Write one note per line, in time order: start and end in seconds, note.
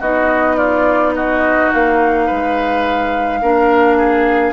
0.00 1.70 B3
0.00 3.42 D#4
0.00 0.57 F#4
0.00 0.58 D#5
0.57 1.13 F4
0.57 1.14 D5
1.15 2.27 F#4
1.15 1.72 D#5
1.73 2.30 A#3
1.73 4.53 F5
2.27 3.42 G#3
2.27 3.40 B4
3.42 4.53 A#3
3.42 4.53 D4
3.42 3.98 A#4
3.98 4.53 G#4